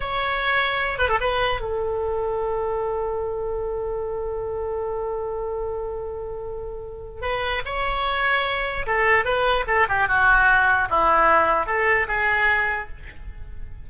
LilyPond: \new Staff \with { instrumentName = "oboe" } { \time 4/4 \tempo 4 = 149 cis''2~ cis''8 b'16 a'16 b'4 | a'1~ | a'1~ | a'1~ |
a'2 b'4 cis''4~ | cis''2 a'4 b'4 | a'8 g'8 fis'2 e'4~ | e'4 a'4 gis'2 | }